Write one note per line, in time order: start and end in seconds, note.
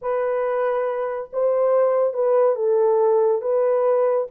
0.01 1.30 B4
1.32 2.13 C5
2.13 2.55 B4
2.55 3.41 A4
3.41 4.27 B4